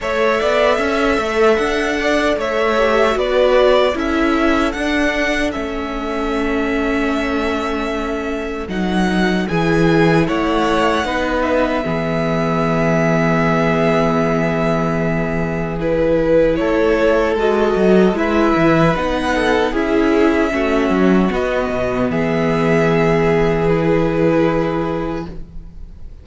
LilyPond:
<<
  \new Staff \with { instrumentName = "violin" } { \time 4/4 \tempo 4 = 76 e''2 fis''4 e''4 | d''4 e''4 fis''4 e''4~ | e''2. fis''4 | gis''4 fis''4. e''4.~ |
e''1 | b'4 cis''4 dis''4 e''4 | fis''4 e''2 dis''4 | e''2 b'2 | }
  \new Staff \with { instrumentName = "violin" } { \time 4/4 cis''8 d''8 e''4. d''8 cis''4 | b'4 a'2.~ | a'1 | gis'4 cis''4 b'4 gis'4~ |
gis'1~ | gis'4 a'2 b'4~ | b'8 a'8 gis'4 fis'2 | gis'1 | }
  \new Staff \with { instrumentName = "viola" } { \time 4/4 a'2.~ a'8 g'8 | fis'4 e'4 d'4 cis'4~ | cis'2. dis'4 | e'2 dis'4 b4~ |
b1 | e'2 fis'4 e'4 | dis'4 e'4 cis'4 b4~ | b2 e'2 | }
  \new Staff \with { instrumentName = "cello" } { \time 4/4 a8 b8 cis'8 a8 d'4 a4 | b4 cis'4 d'4 a4~ | a2. fis4 | e4 a4 b4 e4~ |
e1~ | e4 a4 gis8 fis8 gis8 e8 | b4 cis'4 a8 fis8 b8 b,8 | e1 | }
>>